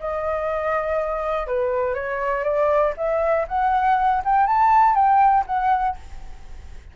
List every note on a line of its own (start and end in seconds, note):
0.00 1.47 D#5
1.47 1.95 B4
1.95 2.44 C#5
2.44 2.93 D5
2.97 3.47 E5
3.48 4.23 F#5
4.25 4.47 G5
4.47 4.95 A5
4.95 5.45 G5
5.47 5.97 F#5